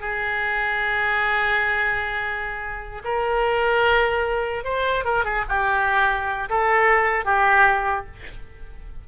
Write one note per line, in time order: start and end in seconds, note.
0.00 3.02 G#4
3.04 4.64 A#4
4.64 5.04 C5
5.04 5.24 A#4
5.24 5.44 G#4
5.48 6.49 G4
6.49 7.25 A4
7.25 8.05 G4